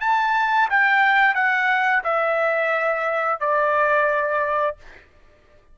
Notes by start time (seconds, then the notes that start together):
0.00 A5
0.70 G5
1.35 F#5
2.04 E5
3.40 D5